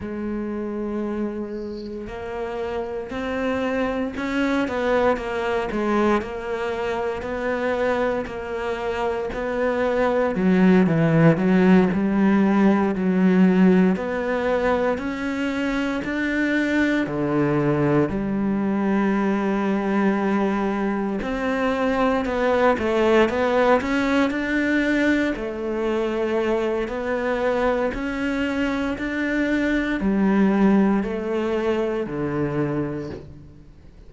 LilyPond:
\new Staff \with { instrumentName = "cello" } { \time 4/4 \tempo 4 = 58 gis2 ais4 c'4 | cis'8 b8 ais8 gis8 ais4 b4 | ais4 b4 fis8 e8 fis8 g8~ | g8 fis4 b4 cis'4 d'8~ |
d'8 d4 g2~ g8~ | g8 c'4 b8 a8 b8 cis'8 d'8~ | d'8 a4. b4 cis'4 | d'4 g4 a4 d4 | }